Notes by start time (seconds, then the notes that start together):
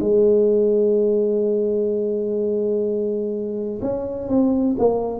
0.00 G#3
3.81 C#4
4.28 C4
4.78 A#3